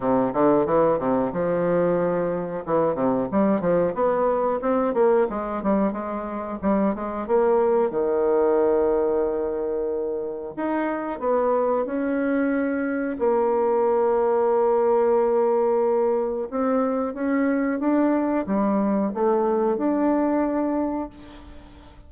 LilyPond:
\new Staff \with { instrumentName = "bassoon" } { \time 4/4 \tempo 4 = 91 c8 d8 e8 c8 f2 | e8 c8 g8 f8 b4 c'8 ais8 | gis8 g8 gis4 g8 gis8 ais4 | dis1 |
dis'4 b4 cis'2 | ais1~ | ais4 c'4 cis'4 d'4 | g4 a4 d'2 | }